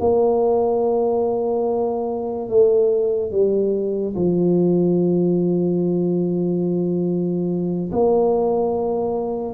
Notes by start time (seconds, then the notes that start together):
0.00 A#3
2.48 A3
3.31 G3
4.16 F3
7.92 A#3